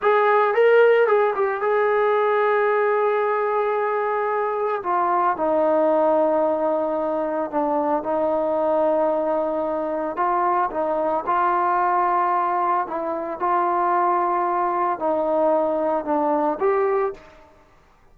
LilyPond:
\new Staff \with { instrumentName = "trombone" } { \time 4/4 \tempo 4 = 112 gis'4 ais'4 gis'8 g'8 gis'4~ | gis'1~ | gis'4 f'4 dis'2~ | dis'2 d'4 dis'4~ |
dis'2. f'4 | dis'4 f'2. | e'4 f'2. | dis'2 d'4 g'4 | }